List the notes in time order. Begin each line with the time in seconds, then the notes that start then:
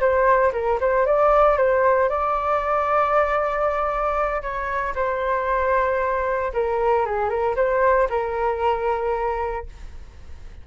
0.00 C5
0.53 A#4
0.80 C5
1.06 D5
1.57 C5
2.10 D5
4.42 C#5
4.95 C5
6.54 A#4
7.06 G#4
7.29 A#4
7.56 C5
8.10 A#4